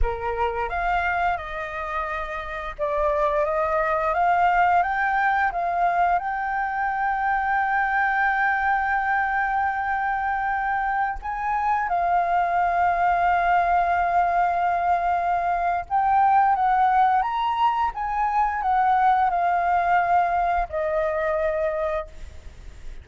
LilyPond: \new Staff \with { instrumentName = "flute" } { \time 4/4 \tempo 4 = 87 ais'4 f''4 dis''2 | d''4 dis''4 f''4 g''4 | f''4 g''2.~ | g''1~ |
g''16 gis''4 f''2~ f''8.~ | f''2. g''4 | fis''4 ais''4 gis''4 fis''4 | f''2 dis''2 | }